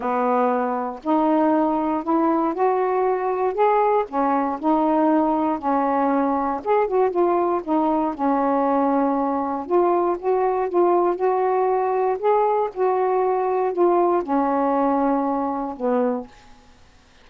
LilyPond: \new Staff \with { instrumentName = "saxophone" } { \time 4/4 \tempo 4 = 118 b2 dis'2 | e'4 fis'2 gis'4 | cis'4 dis'2 cis'4~ | cis'4 gis'8 fis'8 f'4 dis'4 |
cis'2. f'4 | fis'4 f'4 fis'2 | gis'4 fis'2 f'4 | cis'2. b4 | }